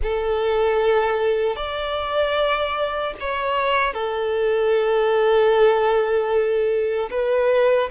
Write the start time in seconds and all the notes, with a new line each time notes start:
0.02 A4
1.56 D5
3.19 C#5
3.93 A4
7.10 B4